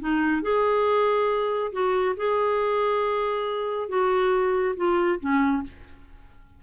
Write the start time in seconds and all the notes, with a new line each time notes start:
0.00 D#4
0.43 G#4
1.72 F#4
2.17 G#4
3.89 F#4
4.76 F4
5.20 C#4